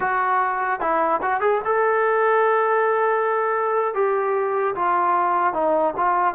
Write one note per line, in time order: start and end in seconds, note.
0.00 0.80 F#4
0.80 1.20 E4
1.22 1.41 F#4
1.41 1.61 G#4
1.64 3.94 A4
3.94 4.74 G4
4.75 5.53 F4
5.53 5.94 D#4
5.96 6.34 F4